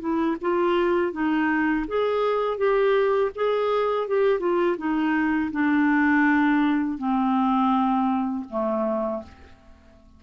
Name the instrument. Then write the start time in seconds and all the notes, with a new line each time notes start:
clarinet
0.00 E4
0.41 F4
1.12 D#4
1.88 G#4
2.58 G4
3.35 G#4
4.08 G4
4.40 F4
4.78 D#4
5.52 D4
6.98 C4
8.50 A3